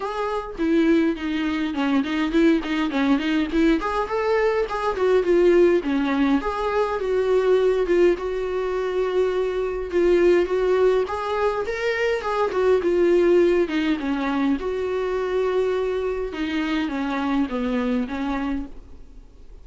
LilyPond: \new Staff \with { instrumentName = "viola" } { \time 4/4 \tempo 4 = 103 gis'4 e'4 dis'4 cis'8 dis'8 | e'8 dis'8 cis'8 dis'8 e'8 gis'8 a'4 | gis'8 fis'8 f'4 cis'4 gis'4 | fis'4. f'8 fis'2~ |
fis'4 f'4 fis'4 gis'4 | ais'4 gis'8 fis'8 f'4. dis'8 | cis'4 fis'2. | dis'4 cis'4 b4 cis'4 | }